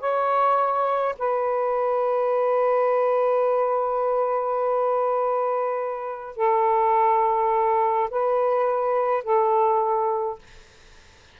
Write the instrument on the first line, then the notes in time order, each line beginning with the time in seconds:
saxophone
0.00 C#5
1.19 B4
6.36 A4
8.11 B4
9.24 A4